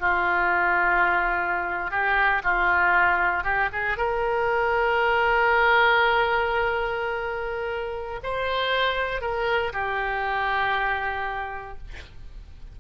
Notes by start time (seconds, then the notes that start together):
0.00 F4
1.91 G4
2.44 F4
3.44 G4
3.72 G#4
3.97 A#4
8.23 C5
9.21 A#4
9.73 G4